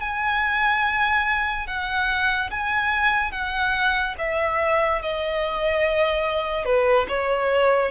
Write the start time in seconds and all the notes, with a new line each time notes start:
0.00 G#5
1.67 F#5
2.50 G#5
3.31 F#5
4.18 E5
5.02 D#5
6.64 B4
7.08 C#5